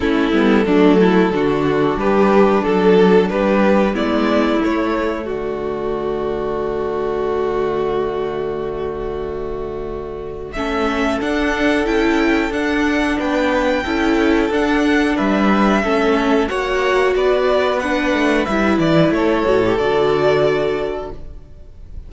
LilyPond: <<
  \new Staff \with { instrumentName = "violin" } { \time 4/4 \tempo 4 = 91 a'2. b'4 | a'4 b'4 d''4 cis''4 | d''1~ | d''1 |
e''4 fis''4 g''4 fis''4 | g''2 fis''4 e''4~ | e''4 fis''4 d''4 fis''4 | e''8 d''8 cis''4 d''2 | }
  \new Staff \with { instrumentName = "violin" } { \time 4/4 e'4 d'8 e'8 fis'4 g'4 | a'4 g'4 e'2 | fis'1~ | fis'1 |
a'1 | b'4 a'2 b'4 | a'4 cis''4 b'2~ | b'4 a'2. | }
  \new Staff \with { instrumentName = "viola" } { \time 4/4 cis'8 b8 a4 d'2~ | d'2 b4 a4~ | a1~ | a1 |
cis'4 d'4 e'4 d'4~ | d'4 e'4 d'2 | cis'4 fis'2 d'4 | e'4. fis'16 g'16 fis'2 | }
  \new Staff \with { instrumentName = "cello" } { \time 4/4 a8 g8 fis4 d4 g4 | fis4 g4 gis4 a4 | d1~ | d1 |
a4 d'4 cis'4 d'4 | b4 cis'4 d'4 g4 | a4 ais4 b4. a8 | g8 e8 a8 a,8 d2 | }
>>